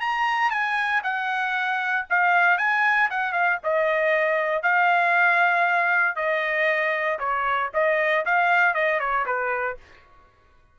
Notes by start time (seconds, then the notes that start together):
0.00 A#5
0.50 G#5
1.03 F#5
2.10 F5
2.58 G#5
3.10 F#5
3.32 F5
3.63 D#5
4.62 F5
6.16 D#5
7.19 C#5
7.74 D#5
8.25 F5
8.74 D#5
8.99 C#5
9.26 B4